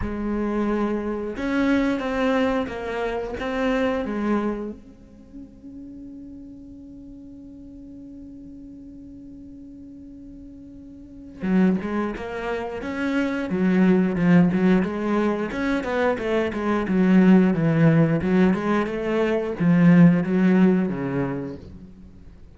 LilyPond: \new Staff \with { instrumentName = "cello" } { \time 4/4 \tempo 4 = 89 gis2 cis'4 c'4 | ais4 c'4 gis4 cis'4~ | cis'1~ | cis'1~ |
cis'4 fis8 gis8 ais4 cis'4 | fis4 f8 fis8 gis4 cis'8 b8 | a8 gis8 fis4 e4 fis8 gis8 | a4 f4 fis4 cis4 | }